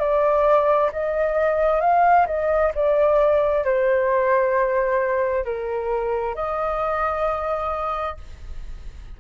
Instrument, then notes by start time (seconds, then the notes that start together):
flute
0.00 D5
0.92 D#5
1.81 F5
2.27 D#5
2.75 D5
3.64 C5
5.45 A#4
6.35 D#5